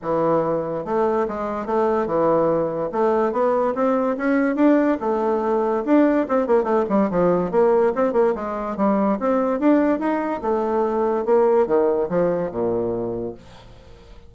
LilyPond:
\new Staff \with { instrumentName = "bassoon" } { \time 4/4 \tempo 4 = 144 e2 a4 gis4 | a4 e2 a4 | b4 c'4 cis'4 d'4 | a2 d'4 c'8 ais8 |
a8 g8 f4 ais4 c'8 ais8 | gis4 g4 c'4 d'4 | dis'4 a2 ais4 | dis4 f4 ais,2 | }